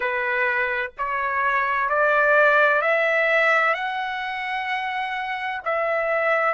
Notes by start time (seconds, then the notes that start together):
0.00 B4
0.98 C#5
1.89 D5
2.81 E5
3.73 F#5
5.64 E5